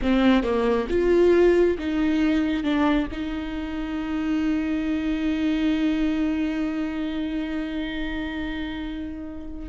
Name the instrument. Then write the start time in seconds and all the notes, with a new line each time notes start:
viola
0.02 C4
0.43 A#3
0.89 F4
1.78 D#4
2.63 D4
3.11 D#4